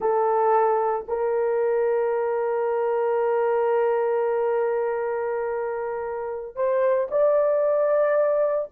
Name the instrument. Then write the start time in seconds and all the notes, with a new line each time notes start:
horn
0.00 A4
1.08 A#4
6.55 C5
7.11 D5